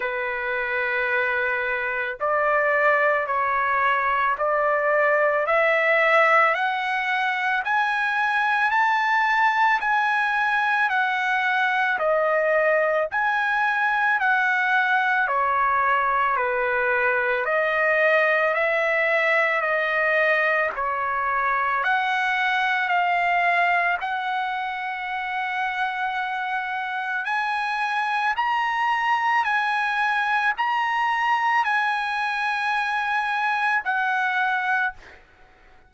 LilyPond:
\new Staff \with { instrumentName = "trumpet" } { \time 4/4 \tempo 4 = 55 b'2 d''4 cis''4 | d''4 e''4 fis''4 gis''4 | a''4 gis''4 fis''4 dis''4 | gis''4 fis''4 cis''4 b'4 |
dis''4 e''4 dis''4 cis''4 | fis''4 f''4 fis''2~ | fis''4 gis''4 ais''4 gis''4 | ais''4 gis''2 fis''4 | }